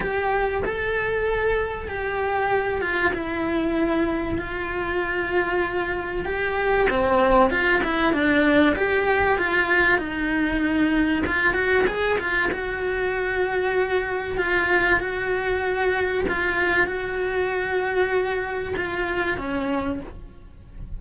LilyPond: \new Staff \with { instrumentName = "cello" } { \time 4/4 \tempo 4 = 96 g'4 a'2 g'4~ | g'8 f'8 e'2 f'4~ | f'2 g'4 c'4 | f'8 e'8 d'4 g'4 f'4 |
dis'2 f'8 fis'8 gis'8 f'8 | fis'2. f'4 | fis'2 f'4 fis'4~ | fis'2 f'4 cis'4 | }